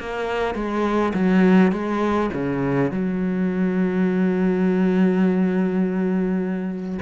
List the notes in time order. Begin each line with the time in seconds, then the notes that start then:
0.00 A#3
0.55 G#3
1.14 F#3
1.72 G#3
2.34 C#3
2.92 F#3